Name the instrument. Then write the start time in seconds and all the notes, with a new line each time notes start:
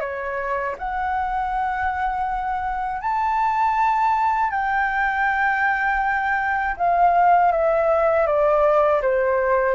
flute
0.00 C#5
0.78 F#5
3.01 A5
4.50 G5
6.76 F5
7.51 E5
8.26 D5
9.01 C5